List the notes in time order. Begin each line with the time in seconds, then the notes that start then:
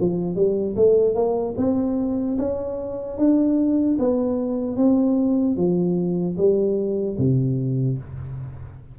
0.00 F3
0.36 G3
0.76 A3
1.15 A#3
1.57 C4
2.38 C#4
3.17 D4
3.99 B3
4.76 C4
5.56 F3
6.37 G3
7.18 C3